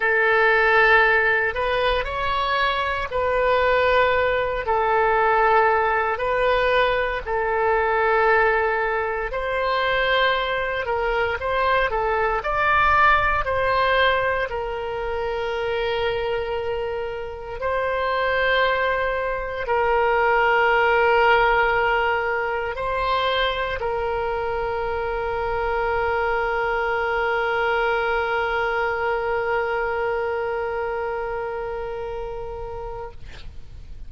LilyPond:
\new Staff \with { instrumentName = "oboe" } { \time 4/4 \tempo 4 = 58 a'4. b'8 cis''4 b'4~ | b'8 a'4. b'4 a'4~ | a'4 c''4. ais'8 c''8 a'8 | d''4 c''4 ais'2~ |
ais'4 c''2 ais'4~ | ais'2 c''4 ais'4~ | ais'1~ | ais'1 | }